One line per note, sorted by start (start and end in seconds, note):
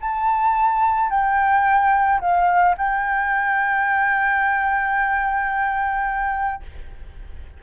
0.00 1.10 A5
1.10 2.20 G5
2.20 2.75 F5
2.77 6.62 G5